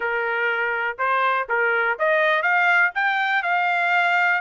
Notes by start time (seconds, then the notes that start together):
0.00 A#4
0.98 C5
1.48 A#4
1.98 D#5
2.42 F5
2.94 G5
3.42 F5